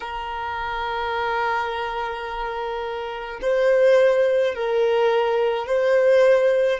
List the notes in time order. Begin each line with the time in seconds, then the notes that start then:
0.00 A#4
3.41 C5
4.54 A#4
5.67 C5